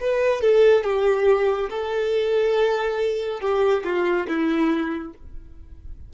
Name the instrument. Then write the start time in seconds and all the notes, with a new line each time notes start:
violin
0.00 B4
0.41 A4
0.83 G4
1.69 A4
3.41 G4
3.84 F4
4.27 E4